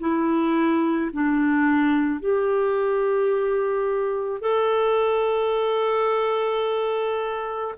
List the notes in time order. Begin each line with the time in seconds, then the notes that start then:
0.00 E4
1.13 D4
2.20 G4
4.41 A4